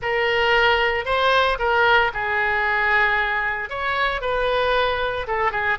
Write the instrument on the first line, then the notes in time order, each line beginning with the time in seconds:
oboe
0.02 A#4
1.05 C5
1.58 A#4
2.13 G#4
3.69 C#5
4.21 B4
5.27 A4
5.51 G#4